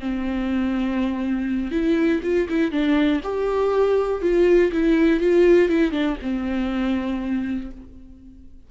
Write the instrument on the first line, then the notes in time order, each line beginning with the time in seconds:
viola
0.00 C4
1.72 E4
2.23 F4
2.49 E4
2.72 D4
3.23 G4
4.22 F4
4.72 E4
5.20 F4
5.69 E4
5.91 D4
6.22 C4